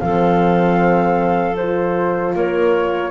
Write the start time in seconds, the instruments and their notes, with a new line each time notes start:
0.00 double bass F3, horn C4, clarinet A4, flute F5
1.56 horn F4, flute C5
2.35 double bass A#3, clarinet A#4, flute C#5